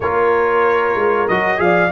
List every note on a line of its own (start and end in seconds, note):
0.00 0.94 A#3
0.00 1.29 F4
0.00 1.61 A#4
0.00 1.28 C#5
0.94 1.26 G#3
1.28 1.59 F#3
1.28 1.57 F#4
1.28 1.60 D#5
1.57 1.91 F3
1.57 1.89 G#4
1.57 1.91 F5
1.63 1.91 D5